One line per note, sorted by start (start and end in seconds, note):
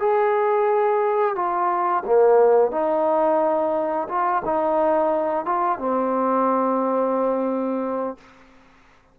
0.00 1.36 G#4
1.36 2.04 F4
2.06 2.72 A#3
2.72 4.08 D#4
4.09 4.43 F4
4.45 5.46 D#4
5.46 5.79 F4
5.79 8.18 C4